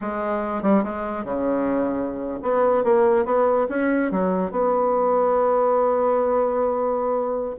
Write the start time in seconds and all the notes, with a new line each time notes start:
0.01 G#3
0.62 G3
0.83 G#3
1.24 C#3
2.42 B3
2.84 A#3
3.25 B3
3.69 C#4
4.11 F#3
4.51 B3